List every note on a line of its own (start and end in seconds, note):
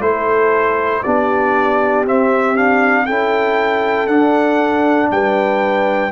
0.00 1.02 A3
0.00 1.03 E4
0.00 1.03 A4
0.00 1.03 C5
1.03 2.07 B3
1.03 2.06 D4
1.03 3.06 G4
1.03 2.04 D5
2.06 2.56 C4
2.06 3.08 C4
2.06 2.56 E5
2.56 3.07 D4
2.56 3.06 F5
3.06 4.08 C#4
3.06 4.08 E4
3.06 5.09 A4
3.06 4.07 G5
4.07 5.09 D4
4.07 6.11 D4
4.07 5.08 F#5
5.11 6.11 G3
5.11 6.11 B4
5.11 6.11 G5